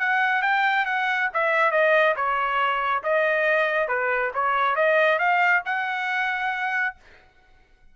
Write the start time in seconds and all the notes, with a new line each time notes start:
0.00 F#5
0.42 G5
0.86 F#5
1.34 E5
1.72 D#5
2.16 C#5
3.04 D#5
3.89 B4
4.34 C#5
4.76 D#5
5.19 F5
5.66 F#5